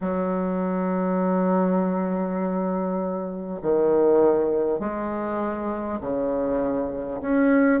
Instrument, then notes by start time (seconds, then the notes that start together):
bassoon
0.01 F#3
3.62 D#3
4.79 G#3
6.00 C#3
7.21 C#4